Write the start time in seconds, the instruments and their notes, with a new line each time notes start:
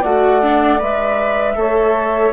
0.00 bassoon A3, viola F#4, saxophone D5, flute F#5
0.42 viola D4
0.79 bassoon G#3, viola B4, flute E5
1.55 bassoon A3, viola A4, saxophone C#5